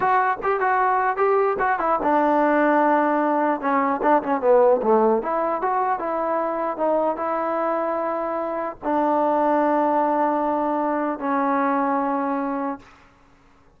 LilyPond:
\new Staff \with { instrumentName = "trombone" } { \time 4/4 \tempo 4 = 150 fis'4 g'8 fis'4. g'4 | fis'8 e'8 d'2.~ | d'4 cis'4 d'8 cis'8 b4 | a4 e'4 fis'4 e'4~ |
e'4 dis'4 e'2~ | e'2 d'2~ | d'1 | cis'1 | }